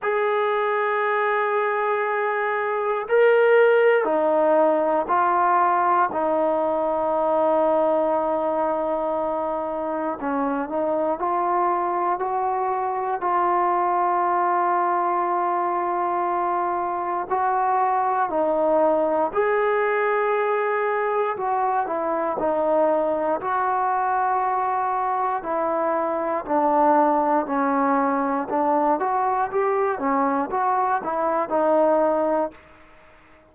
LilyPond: \new Staff \with { instrumentName = "trombone" } { \time 4/4 \tempo 4 = 59 gis'2. ais'4 | dis'4 f'4 dis'2~ | dis'2 cis'8 dis'8 f'4 | fis'4 f'2.~ |
f'4 fis'4 dis'4 gis'4~ | gis'4 fis'8 e'8 dis'4 fis'4~ | fis'4 e'4 d'4 cis'4 | d'8 fis'8 g'8 cis'8 fis'8 e'8 dis'4 | }